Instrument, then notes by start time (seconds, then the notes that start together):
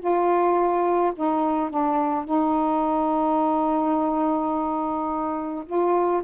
saxophone
0.00 F4
1.16 D#4
1.70 D4
2.25 D#4
5.67 F4